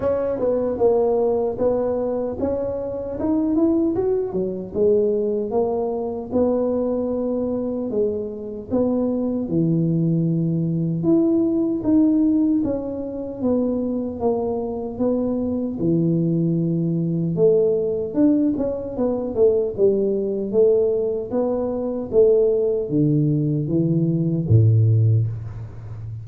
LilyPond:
\new Staff \with { instrumentName = "tuba" } { \time 4/4 \tempo 4 = 76 cis'8 b8 ais4 b4 cis'4 | dis'8 e'8 fis'8 fis8 gis4 ais4 | b2 gis4 b4 | e2 e'4 dis'4 |
cis'4 b4 ais4 b4 | e2 a4 d'8 cis'8 | b8 a8 g4 a4 b4 | a4 d4 e4 a,4 | }